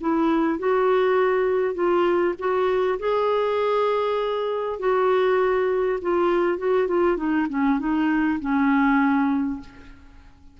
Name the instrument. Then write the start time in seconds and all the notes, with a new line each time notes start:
clarinet
0.00 E4
0.59 F#4
1.74 F4
2.38 F#4
2.99 G#4
4.79 F#4
6.01 F4
6.58 F#4
6.87 F4
7.16 D#4
7.49 C#4
7.79 D#4
8.40 C#4